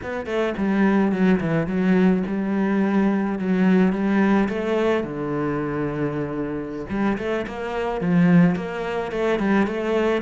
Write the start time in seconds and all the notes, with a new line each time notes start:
0.02 B3
0.25 A3
0.57 G3
1.12 F#3
1.40 E3
1.67 F#3
2.27 G3
3.38 F#3
3.92 G3
4.49 A3
5.03 D3
6.89 G3
7.18 A3
7.46 A#3
8.00 F3
8.55 A#3
9.11 A3
9.39 G3
9.67 A3